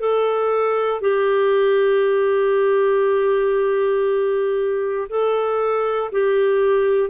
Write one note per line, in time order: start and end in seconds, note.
0.00 1.01 A4
1.01 5.08 G4
5.09 6.11 A4
6.12 7.10 G4